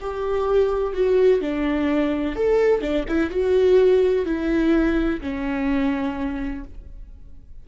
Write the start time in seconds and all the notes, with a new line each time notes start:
0.00 G4
0.94 F#4
1.41 D4
2.35 A4
2.81 D4
3.08 E4
3.30 F#4
4.25 E4
5.21 C#4